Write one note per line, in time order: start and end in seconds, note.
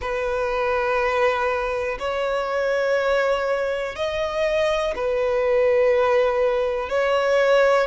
0.01 1.98 B4
1.99 3.95 C#5
3.95 4.94 D#5
4.95 6.89 B4
6.89 7.87 C#5